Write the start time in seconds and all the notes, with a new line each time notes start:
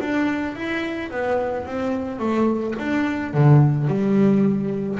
0.00 D4
0.56 E4
1.11 B3
1.66 C4
2.19 A3
2.79 D4
3.33 D3
3.88 G3